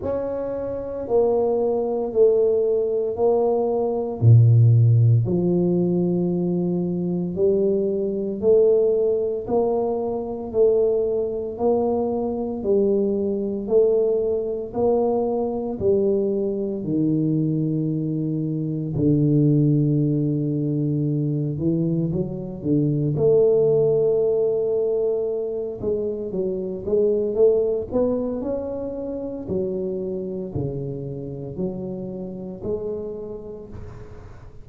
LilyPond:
\new Staff \with { instrumentName = "tuba" } { \time 4/4 \tempo 4 = 57 cis'4 ais4 a4 ais4 | ais,4 f2 g4 | a4 ais4 a4 ais4 | g4 a4 ais4 g4 |
dis2 d2~ | d8 e8 fis8 d8 a2~ | a8 gis8 fis8 gis8 a8 b8 cis'4 | fis4 cis4 fis4 gis4 | }